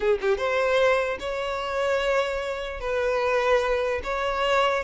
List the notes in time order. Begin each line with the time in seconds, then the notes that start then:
0.00 G#4
0.21 G4
0.37 C5
1.19 C#5
2.80 B4
4.03 C#5